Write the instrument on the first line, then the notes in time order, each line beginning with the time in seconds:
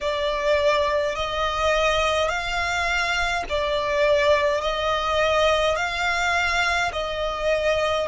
violin
0.01 D5
1.15 D#5
2.28 F5
3.49 D5
4.61 D#5
5.76 F5
6.92 D#5